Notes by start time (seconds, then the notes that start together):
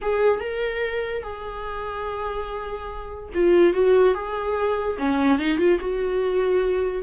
0.01 G#4
0.40 A#4
1.22 G#4
3.34 F4
3.73 F#4
4.14 G#4
4.98 C#4
5.38 D#4
5.58 F4
5.79 F#4